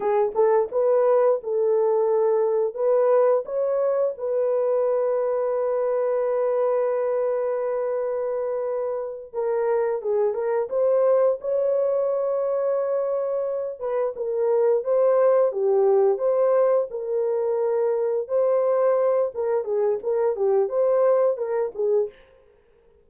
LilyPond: \new Staff \with { instrumentName = "horn" } { \time 4/4 \tempo 4 = 87 gis'8 a'8 b'4 a'2 | b'4 cis''4 b'2~ | b'1~ | b'4. ais'4 gis'8 ais'8 c''8~ |
c''8 cis''2.~ cis''8 | b'8 ais'4 c''4 g'4 c''8~ | c''8 ais'2 c''4. | ais'8 gis'8 ais'8 g'8 c''4 ais'8 gis'8 | }